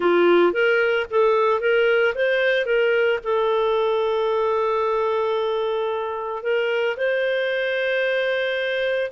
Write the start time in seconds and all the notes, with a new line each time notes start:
0.00 F4
0.52 A#4
1.10 A4
1.60 A#4
2.14 C5
2.65 A#4
3.23 A4
6.42 A#4
6.96 C5